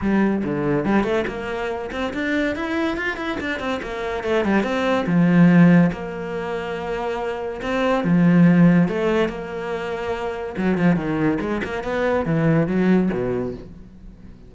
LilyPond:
\new Staff \with { instrumentName = "cello" } { \time 4/4 \tempo 4 = 142 g4 d4 g8 a8 ais4~ | ais8 c'8 d'4 e'4 f'8 e'8 | d'8 c'8 ais4 a8 g8 c'4 | f2 ais2~ |
ais2 c'4 f4~ | f4 a4 ais2~ | ais4 fis8 f8 dis4 gis8 ais8 | b4 e4 fis4 b,4 | }